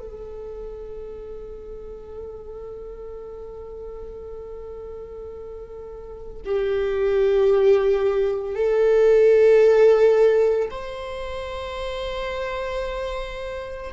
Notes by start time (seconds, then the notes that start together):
0.00 A4
6.45 G4
8.55 A4
10.71 C5